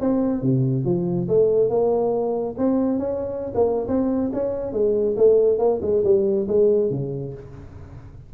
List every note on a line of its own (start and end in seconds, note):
0.00 0.41 C4
0.41 0.84 C3
0.84 1.27 F3
1.28 1.69 A3
1.69 2.55 A#3
2.57 2.98 C4
2.98 3.52 C#4
3.54 3.87 A#3
3.88 4.31 C4
4.33 4.72 C#4
4.72 5.16 G#3
5.17 5.58 A3
5.58 5.80 A#3
5.82 6.03 G#3
6.04 6.47 G3
6.48 6.90 G#3
6.90 7.33 C#3